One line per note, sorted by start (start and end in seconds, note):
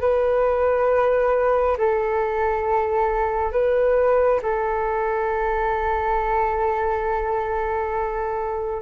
0.00 1.76 B4
1.77 3.52 A4
3.52 4.40 B4
4.42 8.82 A4